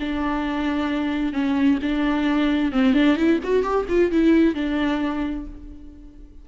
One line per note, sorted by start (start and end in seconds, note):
0.00 1.33 D4
1.33 1.79 C#4
1.83 2.73 D4
2.73 2.94 C4
2.94 3.17 D4
3.17 3.40 E4
3.44 3.63 F#4
3.63 3.86 G4
3.89 4.12 F4
4.12 4.55 E4
4.55 5.46 D4